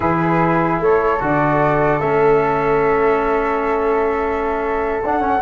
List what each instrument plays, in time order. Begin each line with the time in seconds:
0.00 tuba E3, trombone E4, flute G#4 B4
0.80 tuba A3, flute A4 C#5
1.20 tuba D3, trombone F#4, flute D5
1.99 tuba A3, trombone C#4, flute E5
5.04 tuba D4, trombone D4, flute F#5
5.20 trombone C#4, tuba C#4